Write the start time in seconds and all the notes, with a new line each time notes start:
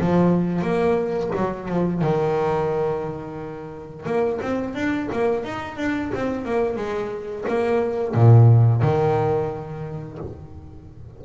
0.00 F3
0.62 A#3
1.35 F#3
1.68 F3
2.01 D#3
4.05 A#3
4.41 C4
4.74 D4
5.12 A#3
5.44 D#4
5.77 D4
6.14 C4
6.45 A#3
6.76 G#3
7.48 A#3
8.14 A#2
8.82 D#3